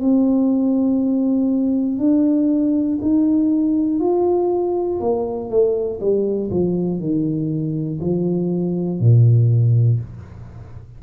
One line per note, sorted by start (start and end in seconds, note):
0.00 1.98 C4
1.98 2.98 D4
3.01 4.00 D#4
4.00 5.00 F4
5.00 5.49 A#3
5.49 5.99 A3
6.00 6.50 G3
6.50 7.00 F3
7.00 8.00 D#3
8.00 9.00 F3
9.00 10.00 A#2